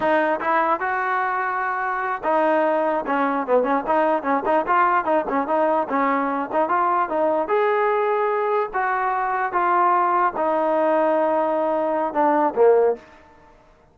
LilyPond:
\new Staff \with { instrumentName = "trombone" } { \time 4/4 \tempo 4 = 148 dis'4 e'4 fis'2~ | fis'4. dis'2 cis'8~ | cis'8 b8 cis'8 dis'4 cis'8 dis'8 f'8~ | f'8 dis'8 cis'8 dis'4 cis'4. |
dis'8 f'4 dis'4 gis'4.~ | gis'4. fis'2 f'8~ | f'4. dis'2~ dis'8~ | dis'2 d'4 ais4 | }